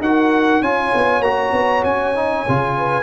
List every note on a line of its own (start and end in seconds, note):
0.00 0.61 D#4
0.00 0.63 F#4
0.00 0.64 A#4
0.00 0.63 F#5
0.61 0.92 C#4
0.61 1.24 F4
0.61 2.78 C#5
0.61 1.23 G#5
0.95 1.20 B3
1.20 1.51 A#3
1.20 2.15 F#4
1.20 1.84 A#5
1.52 1.83 B3
1.84 2.45 C#4
1.84 3.03 G#5
2.15 2.46 D#4
2.48 3.03 C#3
2.48 3.03 F4
2.78 3.03 B4